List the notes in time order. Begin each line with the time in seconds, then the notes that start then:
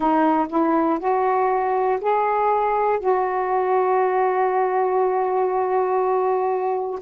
0.00 D#4
0.49 E4
0.99 F#4
2.00 G#4
3.00 F#4